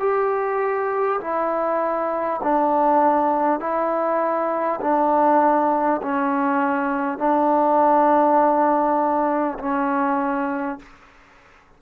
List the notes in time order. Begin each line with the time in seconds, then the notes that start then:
0.00 G4
1.21 E4
2.43 D4
3.60 E4
4.81 D4
6.02 C#4
7.18 D4
9.59 C#4